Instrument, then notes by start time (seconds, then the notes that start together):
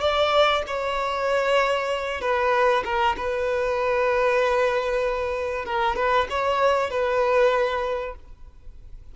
violin
0.00 D5
0.67 C#5
2.21 B4
2.85 A#4
3.17 B4
5.65 A#4
5.96 B4
6.30 C#5
6.90 B4